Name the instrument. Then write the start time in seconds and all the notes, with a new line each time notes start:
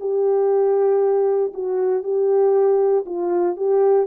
horn
0.00 G4
1.54 F#4
2.03 G4
3.06 F4
3.57 G4